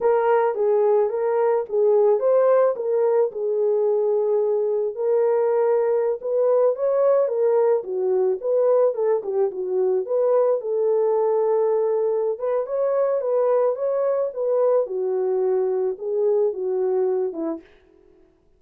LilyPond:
\new Staff \with { instrumentName = "horn" } { \time 4/4 \tempo 4 = 109 ais'4 gis'4 ais'4 gis'4 | c''4 ais'4 gis'2~ | gis'4 ais'2~ ais'16 b'8.~ | b'16 cis''4 ais'4 fis'4 b'8.~ |
b'16 a'8 g'8 fis'4 b'4 a'8.~ | a'2~ a'8 b'8 cis''4 | b'4 cis''4 b'4 fis'4~ | fis'4 gis'4 fis'4. e'8 | }